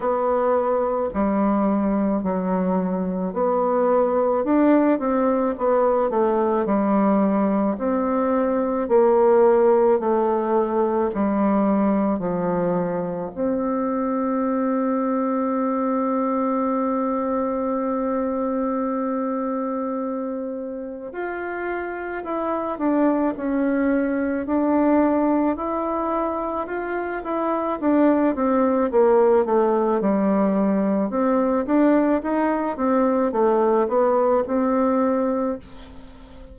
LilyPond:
\new Staff \with { instrumentName = "bassoon" } { \time 4/4 \tempo 4 = 54 b4 g4 fis4 b4 | d'8 c'8 b8 a8 g4 c'4 | ais4 a4 g4 f4 | c'1~ |
c'2. f'4 | e'8 d'8 cis'4 d'4 e'4 | f'8 e'8 d'8 c'8 ais8 a8 g4 | c'8 d'8 dis'8 c'8 a8 b8 c'4 | }